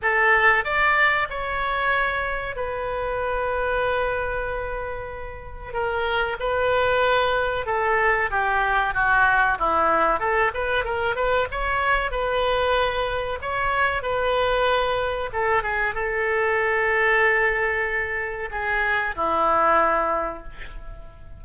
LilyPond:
\new Staff \with { instrumentName = "oboe" } { \time 4/4 \tempo 4 = 94 a'4 d''4 cis''2 | b'1~ | b'4 ais'4 b'2 | a'4 g'4 fis'4 e'4 |
a'8 b'8 ais'8 b'8 cis''4 b'4~ | b'4 cis''4 b'2 | a'8 gis'8 a'2.~ | a'4 gis'4 e'2 | }